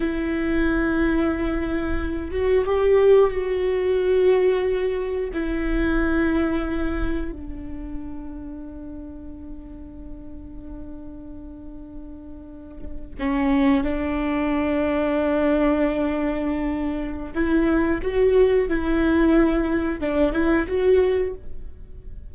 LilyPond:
\new Staff \with { instrumentName = "viola" } { \time 4/4 \tempo 4 = 90 e'2.~ e'8 fis'8 | g'4 fis'2. | e'2. d'4~ | d'1~ |
d'2.~ d'8. cis'16~ | cis'8. d'2.~ d'16~ | d'2 e'4 fis'4 | e'2 d'8 e'8 fis'4 | }